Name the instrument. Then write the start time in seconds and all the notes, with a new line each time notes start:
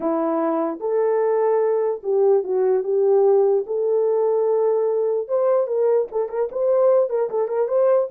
horn
0.00 E4
0.79 A4
2.03 G4
2.43 F#4
2.83 G4
3.66 A4
5.28 C5
5.67 A#4
6.11 A4
6.28 A#4
6.51 C5
7.09 A#4
7.30 A4
7.47 A#4
7.68 C5